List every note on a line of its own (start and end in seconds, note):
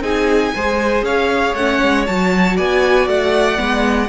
0.00 0.51 C4
0.00 0.53 D#4
0.00 0.54 G#4
0.00 1.04 G#5
0.55 1.02 G#3
0.55 1.58 G#4
0.55 1.05 C5
1.02 1.53 C#4
1.02 2.56 C#5
1.02 1.55 F5
1.53 1.79 A3
1.53 2.06 C#4
1.53 2.06 F#5
1.83 2.08 G#3
2.06 2.58 F#3
2.06 3.56 F#4
2.06 2.57 A5
2.56 3.07 B3
2.56 4.08 D5
2.56 3.08 G#5
3.07 3.58 A3
3.07 4.08 F#5
3.56 4.08 G#3
3.56 4.07 B3